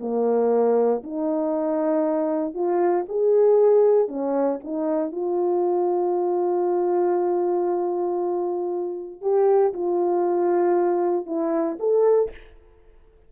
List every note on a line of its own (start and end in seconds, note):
0.00 1.03 A#3
1.03 2.54 D#4
2.54 3.05 F4
3.08 4.08 G#4
4.08 4.59 C#4
4.63 5.12 D#4
5.12 9.21 F4
9.21 9.72 G4
9.73 11.26 F4
11.26 11.77 E4
11.79 12.30 A4